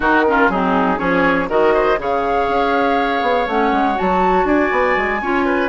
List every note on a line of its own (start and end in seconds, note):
0.00 0.49 D#3
0.00 0.25 D#4
0.00 0.24 F#4
0.00 0.49 A#4
0.27 0.52 C#4
0.27 0.51 F4
0.49 0.98 F#3
0.49 0.97 C4
0.49 0.98 D#4
0.49 0.98 G#4
0.97 1.48 F3
0.97 1.46 C#4
0.97 1.48 G#4
0.97 1.48 C#5
1.48 1.98 D#3
1.48 1.97 F#4
1.48 1.73 A#4
1.48 2.00 D#5
1.73 1.98 C5
1.98 2.47 C#3
1.98 3.47 G#4
1.98 4.47 C#5
1.98 3.49 F5
2.48 3.22 C#4
3.22 3.46 B3
3.47 3.71 A3
3.47 3.94 C#4
3.47 3.98 F#5
3.71 3.96 G#3
3.94 5.18 F#4
3.94 4.46 A5
4.01 4.44 F#3
4.44 4.69 D4
4.44 5.21 D5
4.44 5.69 G#5
4.71 4.96 B3
4.97 5.21 G#3
5.21 5.69 C#4
5.21 5.69 F4
5.21 5.45 C#5
5.45 5.69 B4